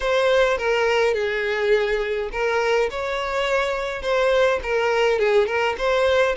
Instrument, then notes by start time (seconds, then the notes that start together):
violin
0.00 C5
0.57 A#4
1.14 G#4
2.32 A#4
2.90 C#5
4.01 C5
4.62 A#4
5.18 G#4
5.46 A#4
5.78 C5